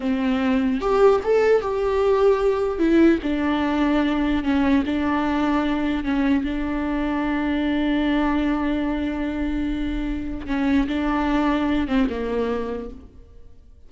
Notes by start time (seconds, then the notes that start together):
0.00 C4
0.80 G4
1.23 A4
1.61 G4
2.78 E4
3.22 D4
4.43 C#4
4.85 D4
6.04 C#4
6.44 D4
10.46 C#4
10.87 D4
11.87 C4
12.09 A#3